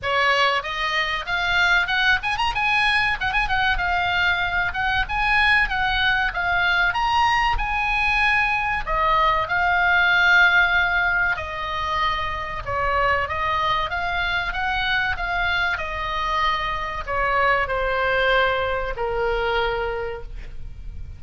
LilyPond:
\new Staff \with { instrumentName = "oboe" } { \time 4/4 \tempo 4 = 95 cis''4 dis''4 f''4 fis''8 gis''16 ais''16 | gis''4 fis''16 gis''16 fis''8 f''4. fis''8 | gis''4 fis''4 f''4 ais''4 | gis''2 dis''4 f''4~ |
f''2 dis''2 | cis''4 dis''4 f''4 fis''4 | f''4 dis''2 cis''4 | c''2 ais'2 | }